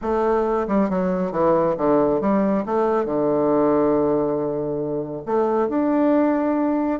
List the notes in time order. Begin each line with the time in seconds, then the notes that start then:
0.01 A3
0.67 G3
0.89 F#3
1.31 E3
1.77 D3
2.20 G3
2.65 A3
3.05 D3
5.25 A3
5.69 D4